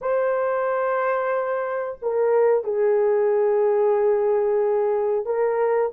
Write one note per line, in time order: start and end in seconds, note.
0.01 1.98 C5
2.02 2.63 A#4
2.63 5.25 G#4
5.25 5.91 A#4